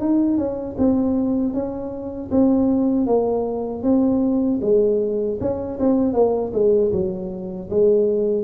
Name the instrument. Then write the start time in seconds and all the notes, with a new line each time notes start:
tuba
0.00 D#4
0.37 C#4
0.78 C4
1.53 C#4
2.31 C4
3.07 A#3
3.83 C4
4.62 G#3
5.41 C#4
5.80 C4
6.14 A#3
6.53 G#3
6.92 F#3
7.70 G#3